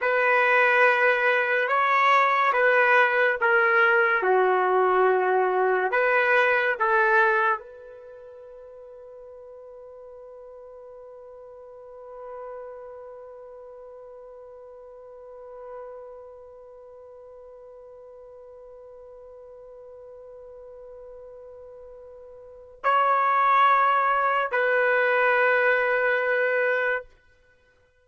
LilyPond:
\new Staff \with { instrumentName = "trumpet" } { \time 4/4 \tempo 4 = 71 b'2 cis''4 b'4 | ais'4 fis'2 b'4 | a'4 b'2.~ | b'1~ |
b'1~ | b'1~ | b'2. cis''4~ | cis''4 b'2. | }